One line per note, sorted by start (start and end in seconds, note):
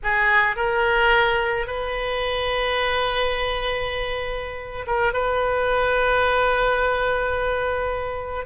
0.03 0.56 G#4
0.56 1.66 A#4
1.66 4.86 B4
4.86 5.13 A#4
5.13 8.46 B4